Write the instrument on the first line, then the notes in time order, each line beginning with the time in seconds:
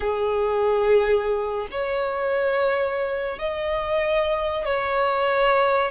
violin
0.00 G#4
1.71 C#5
3.38 D#5
4.65 C#5